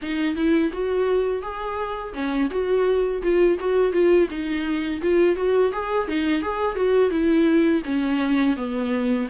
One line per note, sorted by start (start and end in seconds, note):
0.02 0.35 D#4
0.35 0.71 E4
0.72 1.42 F#4
1.42 2.13 G#4
2.14 2.49 C#4
2.50 3.21 F#4
3.22 3.58 F4
3.59 3.92 F#4
3.92 4.28 F4
4.30 5.01 D#4
5.01 5.36 F4
5.36 5.71 F#4
5.72 6.07 G#4
6.07 6.42 D#4
6.42 6.75 G#4
6.75 7.10 F#4
7.10 7.81 E4
7.84 8.56 C#4
8.56 9.27 B3